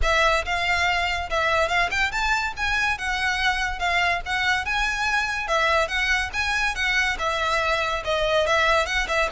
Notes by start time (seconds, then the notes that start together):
0.02 E5
0.45 F5
1.29 E5
1.68 F5
1.90 G5
2.11 A5
2.56 G#5
2.98 F#5
3.79 F5
4.25 F#5
4.65 G#5
5.47 E5
5.88 F#5
6.33 G#5
6.75 F#5
7.18 E5
8.04 D#5
8.46 E5
8.85 F#5
9.07 E5